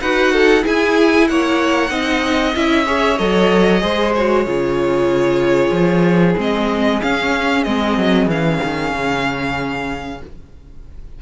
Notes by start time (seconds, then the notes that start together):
0.00 D#4 F#4 B4 F#5
0.32 A4
0.61 E4 G#4 G#5
1.27 A#3 C#5 F#5
1.88 C4 D#4 D#5
2.55 C#4 E4 E5
2.85 G#4 C#5
3.18 F#3 A4 D#5
3.79 G#3 G#4 C5
4.14 F#4 C#5
4.45 C#3 F4 G#4
5.70 F3
6.36 G#3 C4 D#5
7.01 C#4 F5
7.63 G#3 C4 D#5
7.97 F#3
8.26 E3 C#4 F5
8.63 D#3
8.93 C#3